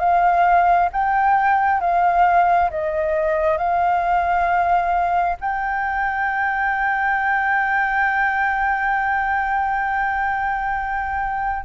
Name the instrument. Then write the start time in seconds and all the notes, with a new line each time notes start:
flute
0.00 F5
0.92 G5
1.80 F5
2.71 D#5
3.58 F5
5.40 G5